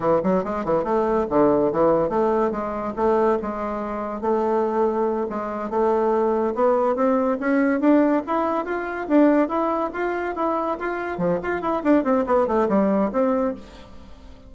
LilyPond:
\new Staff \with { instrumentName = "bassoon" } { \time 4/4 \tempo 4 = 142 e8 fis8 gis8 e8 a4 d4 | e4 a4 gis4 a4 | gis2 a2~ | a8 gis4 a2 b8~ |
b8 c'4 cis'4 d'4 e'8~ | e'8 f'4 d'4 e'4 f'8~ | f'8 e'4 f'4 f8 f'8 e'8 | d'8 c'8 b8 a8 g4 c'4 | }